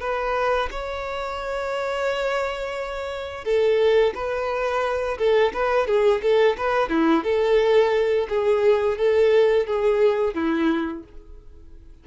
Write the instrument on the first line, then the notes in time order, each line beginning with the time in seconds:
violin
0.00 B4
0.71 C#5
3.44 A4
4.14 B4
5.18 A4
5.53 B4
5.87 G#4
6.22 A4
6.57 B4
6.89 E4
7.24 A4
8.29 G#4
8.97 A4
9.66 G#4
10.34 E4